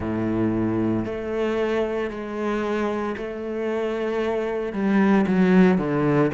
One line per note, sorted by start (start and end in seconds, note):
0.00 1.05 A2
1.05 2.10 A3
2.10 3.15 G#3
3.17 4.73 A3
4.73 5.25 G3
5.26 5.78 F#3
5.78 6.30 D3